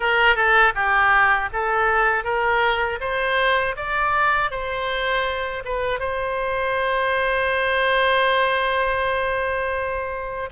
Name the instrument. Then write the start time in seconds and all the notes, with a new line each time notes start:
oboe
0.00 A#4
0.35 A4
0.74 G4
1.52 A4
2.24 A#4
3.00 C5
3.76 D5
4.50 C5
5.65 B4
5.99 C5